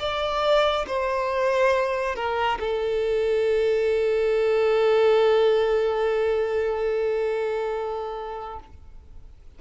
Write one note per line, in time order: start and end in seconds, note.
0.00 0.86 D5
0.88 2.16 C5
2.16 2.59 A#4
2.60 8.60 A4